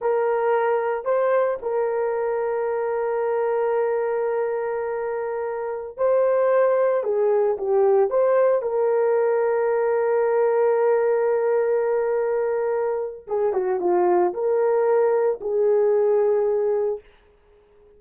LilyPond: \new Staff \with { instrumentName = "horn" } { \time 4/4 \tempo 4 = 113 ais'2 c''4 ais'4~ | ais'1~ | ais'2.~ ais'16 c''8.~ | c''4~ c''16 gis'4 g'4 c''8.~ |
c''16 ais'2.~ ais'8.~ | ais'1~ | ais'4 gis'8 fis'8 f'4 ais'4~ | ais'4 gis'2. | }